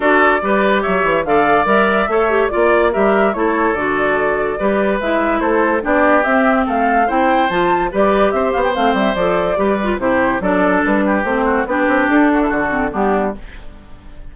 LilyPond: <<
  \new Staff \with { instrumentName = "flute" } { \time 4/4 \tempo 4 = 144 d''2 e''4 f''4 | e''2 d''4 e''4 | cis''4 d''2. | e''4 c''4 d''4 e''4 |
f''4 g''4 a''4 d''4 | e''8 f''16 g''16 f''8 e''8 d''2 | c''4 d''4 b'4 c''4 | b'4 a'2 g'4 | }
  \new Staff \with { instrumentName = "oboe" } { \time 4/4 a'4 b'4 cis''4 d''4~ | d''4 cis''4 d''4 ais'4 | a'2. b'4~ | b'4 a'4 g'2 |
a'4 c''2 b'4 | c''2. b'4 | g'4 a'4. g'4 fis'8 | g'4. fis'16 e'16 fis'4 d'4 | }
  \new Staff \with { instrumentName = "clarinet" } { \time 4/4 fis'4 g'2 a'4 | ais'4 a'8 g'8 f'4 g'4 | e'4 fis'2 g'4 | e'2 d'4 c'4~ |
c'4 e'4 f'4 g'4~ | g'4 c'4 a'4 g'8 f'8 | e'4 d'2 c'4 | d'2~ d'8 c'8 b4 | }
  \new Staff \with { instrumentName = "bassoon" } { \time 4/4 d'4 g4 fis8 e8 d4 | g4 a4 ais4 g4 | a4 d2 g4 | gis4 a4 b4 c'4 |
a4 c'4 f4 g4 | c'8 b8 a8 g8 f4 g4 | c4 fis4 g4 a4 | b8 c'8 d'4 d4 g4 | }
>>